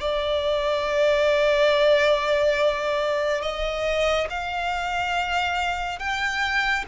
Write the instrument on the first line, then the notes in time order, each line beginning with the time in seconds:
violin
0.00 D5
3.41 D#5
4.29 F5
5.99 G5